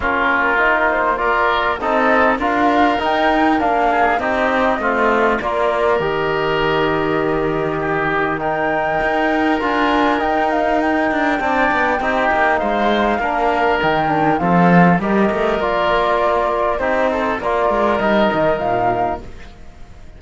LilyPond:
<<
  \new Staff \with { instrumentName = "flute" } { \time 4/4 \tempo 4 = 100 ais'4. c''8 d''4 dis''4 | f''4 g''4 f''4 dis''4~ | dis''4 d''4 dis''2~ | dis''2 g''2 |
gis''4 g''8 f''8 g''2~ | g''4 f''2 g''4 | f''4 dis''4 d''2 | c''4 d''4 dis''4 f''4 | }
  \new Staff \with { instrumentName = "oboe" } { \time 4/4 f'2 ais'4 a'4 | ais'2~ ais'8 gis'8 g'4 | f'4 ais'2.~ | ais'4 g'4 ais'2~ |
ais'2. d''4 | g'4 c''4 ais'2 | a'4 ais'2. | g'8 a'8 ais'2. | }
  \new Staff \with { instrumentName = "trombone" } { \time 4/4 cis'4 dis'4 f'4 dis'4 | f'4 dis'4 d'4 dis'4 | c'4 f'4 g'2~ | g'2 dis'2 |
f'4 dis'2 d'4 | dis'2 d'4 dis'8 d'8 | c'4 g'4 f'2 | dis'4 f'4 dis'2 | }
  \new Staff \with { instrumentName = "cello" } { \time 4/4 ais2. c'4 | d'4 dis'4 ais4 c'4 | a4 ais4 dis2~ | dis2. dis'4 |
d'4 dis'4. d'8 c'8 b8 | c'8 ais8 gis4 ais4 dis4 | f4 g8 a8 ais2 | c'4 ais8 gis8 g8 dis8 ais,4 | }
>>